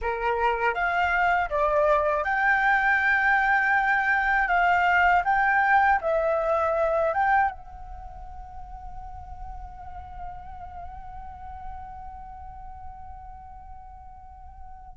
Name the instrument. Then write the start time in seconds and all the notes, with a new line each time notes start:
flute
0.01 A#4
0.74 F5
1.49 D5
2.23 G5
4.48 F5
5.24 G5
6.01 E5
7.13 G5
7.50 F#5